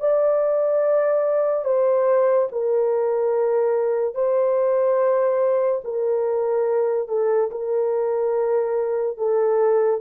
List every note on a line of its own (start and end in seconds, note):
0.00 1.64 D5
1.64 2.48 C5
2.52 4.14 A#4
4.14 5.81 C5
5.84 7.08 A#4
7.08 7.50 A4
7.51 9.17 A#4
9.17 10.00 A4